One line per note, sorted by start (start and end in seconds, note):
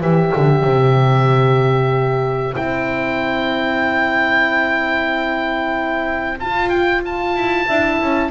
0.00 0.32 E3
0.00 2.55 G4
0.00 7.66 C5
0.00 2.55 E5
0.36 0.64 D3
0.64 2.55 C3
2.55 6.39 C4
2.55 6.38 E4
2.55 6.38 G5
6.39 7.35 F4
6.39 7.68 F4
6.39 6.69 A5
6.69 7.01 G5
7.05 8.30 A5
7.35 7.67 E4
7.67 8.00 D4
7.67 8.30 E4
7.67 8.30 E5
8.01 8.30 C#4